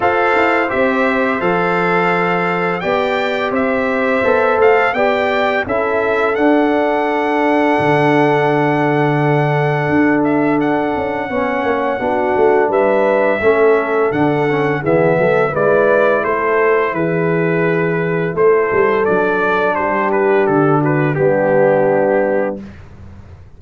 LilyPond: <<
  \new Staff \with { instrumentName = "trumpet" } { \time 4/4 \tempo 4 = 85 f''4 e''4 f''2 | g''4 e''4. f''8 g''4 | e''4 fis''2.~ | fis''2~ fis''8 e''8 fis''4~ |
fis''2 e''2 | fis''4 e''4 d''4 c''4 | b'2 c''4 d''4 | c''8 b'8 a'8 b'8 g'2 | }
  \new Staff \with { instrumentName = "horn" } { \time 4/4 c''1 | d''4 c''2 d''4 | a'1~ | a'1 |
cis''4 fis'4 b'4 a'4~ | a'4 gis'8 a'8 b'4 a'4 | gis'2 a'2 | g'4. fis'8 d'2 | }
  \new Staff \with { instrumentName = "trombone" } { \time 4/4 a'4 g'4 a'2 | g'2 a'4 g'4 | e'4 d'2.~ | d'1 |
cis'4 d'2 cis'4 | d'8 cis'8 b4 e'2~ | e'2. d'4~ | d'2 b2 | }
  \new Staff \with { instrumentName = "tuba" } { \time 4/4 f'8 e'8 c'4 f2 | b4 c'4 b8 a8 b4 | cis'4 d'2 d4~ | d2 d'4. cis'8 |
b8 ais8 b8 a8 g4 a4 | d4 e8 fis8 gis4 a4 | e2 a8 g8 fis4 | g4 d4 g2 | }
>>